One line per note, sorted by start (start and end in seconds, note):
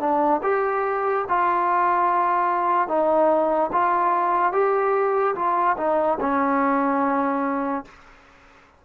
0.00 0.41 D4
0.43 1.25 G4
1.29 2.88 F4
2.88 3.71 D#4
3.72 4.53 F4
4.53 5.35 G4
5.35 5.76 F4
5.78 6.19 D#4
6.21 7.85 C#4